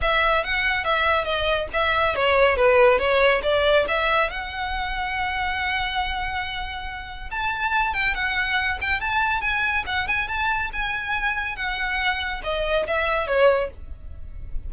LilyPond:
\new Staff \with { instrumentName = "violin" } { \time 4/4 \tempo 4 = 140 e''4 fis''4 e''4 dis''4 | e''4 cis''4 b'4 cis''4 | d''4 e''4 fis''2~ | fis''1~ |
fis''4 a''4. g''8 fis''4~ | fis''8 g''8 a''4 gis''4 fis''8 gis''8 | a''4 gis''2 fis''4~ | fis''4 dis''4 e''4 cis''4 | }